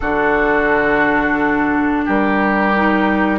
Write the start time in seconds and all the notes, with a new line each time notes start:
0.00 D3 D4 F#4 A4
2.05 G3 G4 A#4
2.75 D#4